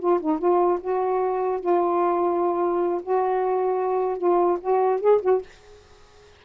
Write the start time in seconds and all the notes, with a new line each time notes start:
0.00 F4
0.21 D#4
0.39 F4
0.81 F#4
1.61 F4
3.03 F#4
4.18 F4
4.61 F#4
5.01 G#4
5.22 F#4